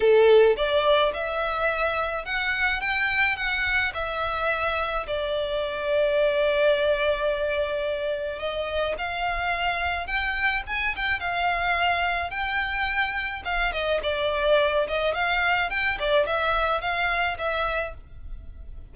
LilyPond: \new Staff \with { instrumentName = "violin" } { \time 4/4 \tempo 4 = 107 a'4 d''4 e''2 | fis''4 g''4 fis''4 e''4~ | e''4 d''2.~ | d''2. dis''4 |
f''2 g''4 gis''8 g''8 | f''2 g''2 | f''8 dis''8 d''4. dis''8 f''4 | g''8 d''8 e''4 f''4 e''4 | }